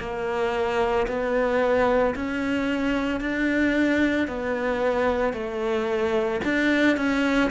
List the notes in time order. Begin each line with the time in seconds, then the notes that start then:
0.00 A#3
1.08 B3
2.16 C#4
3.21 D4
4.28 B3
5.34 A3
6.45 D4
6.97 C#4